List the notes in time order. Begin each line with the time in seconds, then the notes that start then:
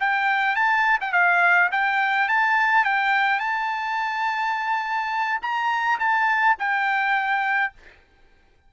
0.00 G5
0.56 A5
1.01 G5
1.12 F5
1.72 G5
2.28 A5
2.84 G5
3.40 A5
5.42 A#5
5.99 A5
6.59 G5